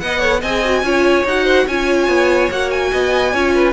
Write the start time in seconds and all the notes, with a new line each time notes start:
0.00 B3 B4 D#5 F#5
0.20 A4 C#5
0.41 C4 G#4 D#5 G#5
0.64 F#4
0.83 C#4 F4 C#5
1.25 D#4 F#4 F#5
1.45 C5
1.67 C#4 F4 C#5 G#5
2.08 B3
2.51 A#3 F#4 F#5
2.71 G#5
2.91 B3 D#5
3.33 C#4 F4 C#5
3.54 B4